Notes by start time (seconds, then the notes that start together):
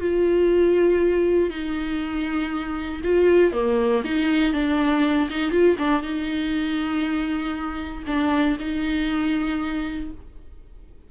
0.00 F4
1.49 D#4
3.03 F4
3.52 A#3
4.04 D#4
4.53 D4
5.30 D#4
5.51 F4
5.78 D4
6.02 D#4
8.06 D4
8.59 D#4